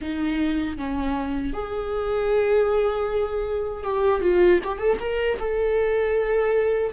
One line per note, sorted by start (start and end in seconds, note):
0.01 0.77 D#4
0.77 1.53 C#4
1.53 3.83 G#4
3.83 4.21 G4
4.21 4.59 F4
4.64 4.78 G4
4.78 4.97 A4
4.99 5.37 A#4
5.38 6.92 A4